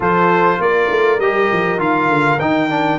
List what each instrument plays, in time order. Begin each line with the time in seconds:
0.00 tuba F3, trombone F4, horn A4, trumpet C5
0.59 tuba A#3, horn A#4, trumpet D5
0.91 tuba A3
1.18 tuba G3, trombone G4, trumpet D#5
1.52 tuba F3
1.78 tuba D#3, trombone F4, trumpet F5
2.08 tuba D3
2.39 tuba D#3, trombone D#4, trumpet G5
2.69 trombone D4